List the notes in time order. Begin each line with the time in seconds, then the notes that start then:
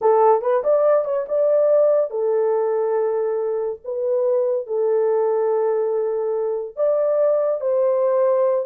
0.01 A4
0.41 B4
0.63 D5
1.04 C#5
1.28 D5
2.10 A4
3.84 B4
4.66 A4
6.76 D5
7.60 C5